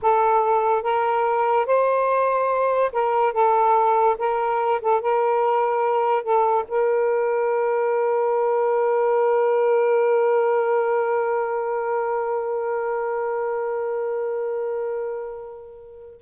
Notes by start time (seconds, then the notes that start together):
0.02 A4
0.82 A#4
1.66 C5
2.92 A#4
3.33 A4
4.18 A#4
4.81 A4
5.01 A#4
6.23 A4
6.68 A#4